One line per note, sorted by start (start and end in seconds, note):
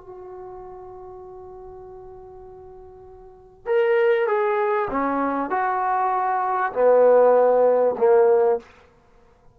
0.00 3.66 F#4
3.66 4.27 A#4
4.27 4.88 G#4
4.90 5.50 C#4
5.50 6.72 F#4
6.72 7.95 B3
7.98 8.59 A#3